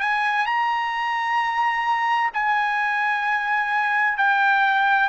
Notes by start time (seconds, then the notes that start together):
0.00 G#5
0.46 A#5
2.34 G#5
4.18 G5